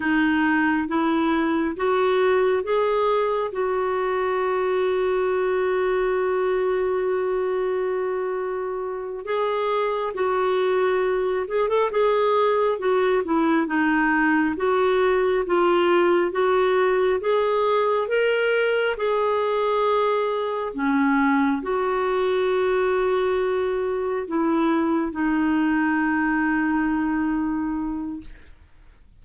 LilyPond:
\new Staff \with { instrumentName = "clarinet" } { \time 4/4 \tempo 4 = 68 dis'4 e'4 fis'4 gis'4 | fis'1~ | fis'2~ fis'8 gis'4 fis'8~ | fis'4 gis'16 a'16 gis'4 fis'8 e'8 dis'8~ |
dis'8 fis'4 f'4 fis'4 gis'8~ | gis'8 ais'4 gis'2 cis'8~ | cis'8 fis'2. e'8~ | e'8 dis'2.~ dis'8 | }